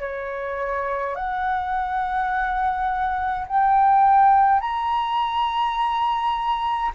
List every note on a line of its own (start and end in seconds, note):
0.00 1.15 C#5
1.15 3.46 F#5
3.47 4.60 G5
4.60 6.91 A#5